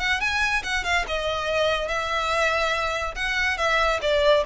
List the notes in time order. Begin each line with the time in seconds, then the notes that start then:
0.00 F#5
0.21 G#5
0.64 F#5
0.84 F5
1.08 D#5
1.88 E5
3.15 F#5
3.58 E5
4.02 D5